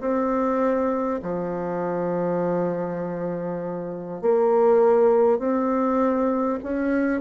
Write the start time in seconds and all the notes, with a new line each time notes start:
0.00 C4
1.22 F3
4.21 A#3
5.38 C4
6.63 C#4